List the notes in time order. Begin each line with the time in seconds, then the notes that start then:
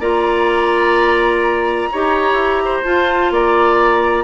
0.00 A#3 F4 D5 A#5
1.92 D#4 G4 C#5
2.33 E4
2.65 C5
2.83 F4 A5
3.31 A#3 D5 A#5